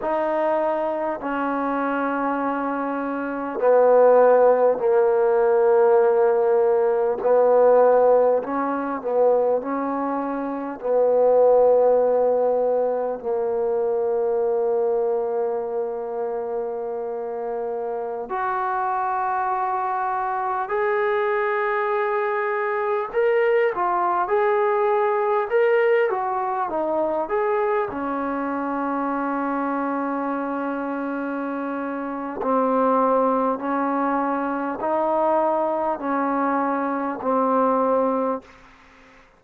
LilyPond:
\new Staff \with { instrumentName = "trombone" } { \time 4/4 \tempo 4 = 50 dis'4 cis'2 b4 | ais2 b4 cis'8 b8 | cis'4 b2 ais4~ | ais2.~ ais16 fis'8.~ |
fis'4~ fis'16 gis'2 ais'8 f'16~ | f'16 gis'4 ais'8 fis'8 dis'8 gis'8 cis'8.~ | cis'2. c'4 | cis'4 dis'4 cis'4 c'4 | }